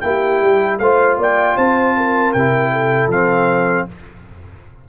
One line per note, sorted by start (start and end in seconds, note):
0.00 0.41 A#3
0.00 0.79 E4
0.00 0.80 G4
0.00 0.77 G5
0.41 0.79 G3
0.78 1.17 A3
0.78 2.36 F4
0.78 1.18 C5
0.78 1.17 F5
1.17 1.56 A#3
1.17 1.56 D5
1.17 1.57 G5
1.56 2.34 C4
1.56 1.94 C5
1.56 2.32 A5
1.96 2.72 A#4
2.32 3.07 C3
2.32 3.11 E4
2.32 3.09 G5
2.72 3.87 A4
3.07 3.84 F3
3.07 3.88 C4
3.07 3.88 F5